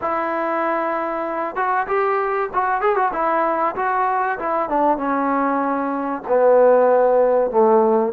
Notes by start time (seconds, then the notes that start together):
0.01 E4
1.55 F#4
1.87 G4
2.53 F#4
2.81 G#4
2.95 F#4
3.12 E4
3.75 F#4
4.38 E4
4.69 D4
4.97 C#4
6.28 B3
7.50 A3